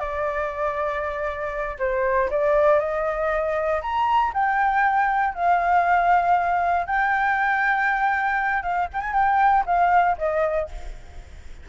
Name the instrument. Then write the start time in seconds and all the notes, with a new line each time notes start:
flute
0.00 D5
1.79 C5
2.31 D5
2.80 D#5
3.82 A#5
4.34 G5
5.35 F5
6.87 G5
8.63 F5
8.94 G5
9.01 G#5
9.14 G5
9.67 F5
10.18 D#5